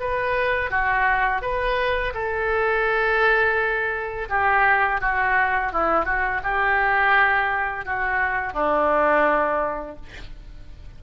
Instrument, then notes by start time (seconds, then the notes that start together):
oboe
0.00 B4
0.70 F#4
1.42 B4
2.14 A4
4.29 G4
5.01 F#4
5.72 E4
6.05 F#4
6.43 G4
7.85 F#4
8.53 D4